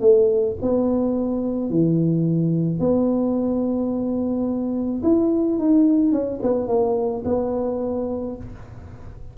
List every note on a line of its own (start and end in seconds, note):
0.00 0.56 A3
0.61 1.69 B3
1.69 2.79 E3
2.79 5.02 B3
5.03 5.58 E4
5.58 6.12 D#4
6.12 6.39 C#4
6.42 6.67 B3
6.67 7.23 A#3
7.24 8.36 B3